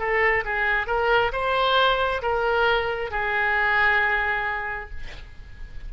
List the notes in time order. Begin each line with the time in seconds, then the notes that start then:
0.00 A4
0.45 G#4
0.88 A#4
1.33 C5
2.23 A#4
3.11 G#4